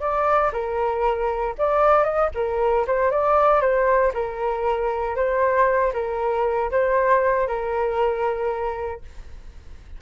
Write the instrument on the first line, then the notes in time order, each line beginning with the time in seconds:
flute
0.00 D5
0.52 A#4
1.58 D5
2.03 D#5
2.34 A#4
2.87 C5
3.11 D5
3.61 C5
4.14 A#4
5.16 C5
5.93 A#4
6.71 C5
7.47 A#4